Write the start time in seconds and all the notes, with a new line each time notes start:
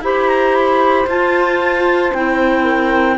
0.00 E4 G4 C5 B5
0.28 A#5
0.55 B5
1.07 F4 A5
2.14 C4 E4 G5
2.63 A#4